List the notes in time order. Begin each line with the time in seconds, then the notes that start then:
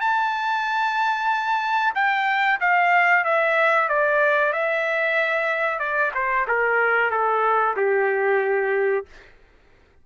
0.00 A5
1.94 G5
2.60 F5
3.24 E5
3.89 D5
4.53 E5
5.79 D5
6.14 C5
6.47 A#4
7.11 A4
7.76 G4